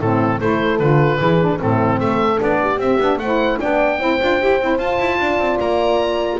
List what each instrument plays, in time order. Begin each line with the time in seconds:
0.00 double bass A2, saxophone C4, horn E4, oboe A4
0.40 double bass A3, saxophone E4, horn A4, oboe C5
0.79 double bass D3, saxophone F4, oboe B4
1.18 double bass E3, saxophone E4, horn G#4
1.41 saxophone D4
1.59 double bass A2, saxophone C4, horn E4, oboe A4
2.00 double bass A3, horn A4, oboe E5
2.37 double bass B3, saxophone D4
2.44 oboe D5
2.61 horn G4
2.77 double bass C4, saxophone C4, oboe E5
3.00 double bass B3, saxophone D4
3.17 double bass A3, horn C5, oboe F#5
3.24 saxophone E4
3.60 double bass B3, saxophone D4, horn D5, oboe G5
3.99 double bass C4, saxophone E4, horn C5
4.20 double bass D4, saxophone F4
4.40 double bass E4, saxophone G4
4.61 double bass C4, saxophone E4
4.78 double bass F4, saxophone F4, oboe A5
4.99 double bass E4
5.20 double bass D4, horn D5
5.39 double bass C4
5.61 double bass A#3, oboe A#5